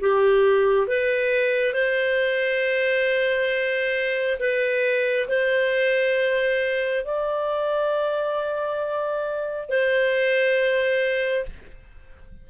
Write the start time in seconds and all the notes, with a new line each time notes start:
0.00 G4
0.87 B4
1.74 C5
4.40 B4
5.28 C5
7.05 D5
9.69 C5